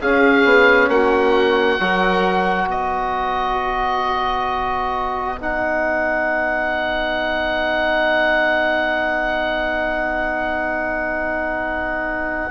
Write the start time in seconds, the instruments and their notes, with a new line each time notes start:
0.00 trombone C#4, bassoon C#4, violin G#4, oboe F5
0.44 bassoon B3
0.88 bassoon A#3, violin F#4, oboe F#5
1.79 bassoon F#3, trombone F#4, violin A#4
2.66 bassoon B3, violin B4, oboe D#5
5.40 trombone D#4, oboe F#5